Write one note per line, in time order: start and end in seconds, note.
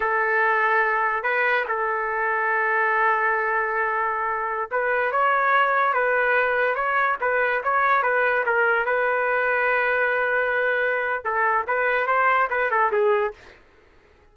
0.00 1.23 A4
1.23 1.64 B4
1.68 4.70 A4
4.71 5.11 B4
5.11 5.93 C#5
5.93 6.75 B4
6.75 7.16 C#5
7.21 7.62 B4
7.63 8.02 C#5
8.02 8.44 B4
8.45 8.85 A#4
8.85 11.24 B4
11.24 11.66 A4
11.67 12.06 B4
12.06 12.48 C5
12.50 12.70 B4
12.70 12.91 A4
12.92 13.33 G#4